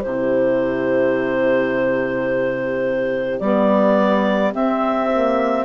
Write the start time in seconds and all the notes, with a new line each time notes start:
0.00 C3 E4 G4 C5
3.39 G3 B3 D5
4.51 C4 E5
5.12 A#3